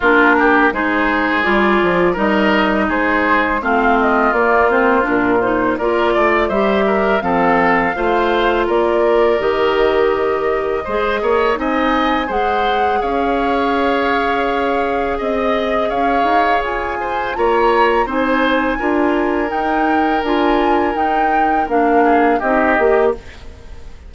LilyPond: <<
  \new Staff \with { instrumentName = "flute" } { \time 4/4 \tempo 4 = 83 ais'4 c''4 d''4 dis''4 | c''4 f''8 dis''8 d''8 c''8 ais'8 c''8 | d''4 e''4 f''2 | d''4 dis''2. |
gis''4 fis''4 f''2~ | f''4 dis''4 f''4 gis''4 | ais''4 gis''2 g''4 | gis''4 g''4 f''4 dis''4 | }
  \new Staff \with { instrumentName = "oboe" } { \time 4/4 f'8 g'8 gis'2 ais'4 | gis'4 f'2. | ais'8 d''8 c''8 ais'8 a'4 c''4 | ais'2. c''8 cis''8 |
dis''4 c''4 cis''2~ | cis''4 dis''4 cis''4. c''8 | cis''4 c''4 ais'2~ | ais'2~ ais'8 gis'8 g'4 | }
  \new Staff \with { instrumentName = "clarinet" } { \time 4/4 d'4 dis'4 f'4 dis'4~ | dis'4 c'4 ais8 c'8 d'8 dis'8 | f'4 g'4 c'4 f'4~ | f'4 g'2 gis'4 |
dis'4 gis'2.~ | gis'1 | f'4 dis'4 f'4 dis'4 | f'4 dis'4 d'4 dis'8 g'8 | }
  \new Staff \with { instrumentName = "bassoon" } { \time 4/4 ais4 gis4 g8 f8 g4 | gis4 a4 ais4 ais,4 | ais8 a8 g4 f4 a4 | ais4 dis2 gis8 ais8 |
c'4 gis4 cis'2~ | cis'4 c'4 cis'8 dis'8 f'4 | ais4 c'4 d'4 dis'4 | d'4 dis'4 ais4 c'8 ais8 | }
>>